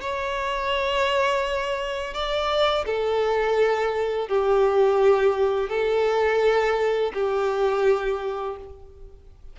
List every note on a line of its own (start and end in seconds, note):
0.00 2.13 C#5
2.13 2.85 D5
2.86 4.28 A4
4.28 5.69 G4
5.69 7.12 A4
7.13 8.56 G4